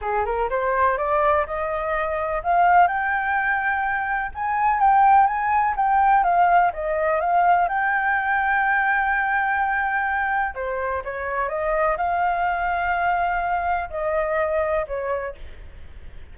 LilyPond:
\new Staff \with { instrumentName = "flute" } { \time 4/4 \tempo 4 = 125 gis'8 ais'8 c''4 d''4 dis''4~ | dis''4 f''4 g''2~ | g''4 gis''4 g''4 gis''4 | g''4 f''4 dis''4 f''4 |
g''1~ | g''2 c''4 cis''4 | dis''4 f''2.~ | f''4 dis''2 cis''4 | }